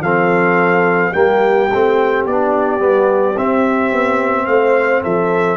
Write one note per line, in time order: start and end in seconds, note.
0.00 1.11 F3
0.00 1.14 C4
0.00 1.11 A4
0.00 1.13 F5
1.11 1.70 G3
1.11 1.69 A#3
1.11 4.45 G4
1.11 2.24 G5
1.73 2.25 A3
1.73 2.29 C4
2.25 2.79 B3
2.25 2.79 D4
2.25 3.37 D5
2.79 3.35 G3
2.79 3.35 B3
3.37 3.92 C4
3.37 5.57 C4
3.37 4.46 E5
3.92 4.47 B3
4.46 5.02 A3
4.46 5.03 C5
4.46 5.01 F5
5.03 5.57 F3
5.03 5.57 A4
5.03 5.57 E5